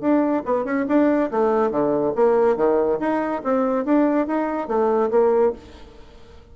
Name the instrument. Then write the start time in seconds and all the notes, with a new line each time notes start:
bassoon
0.00 D4
0.45 B3
0.64 C#4
0.88 D4
1.31 A3
1.71 D3
2.15 A#3
2.56 D#3
2.99 D#4
3.43 C4
3.85 D4
4.27 D#4
4.67 A3
5.10 A#3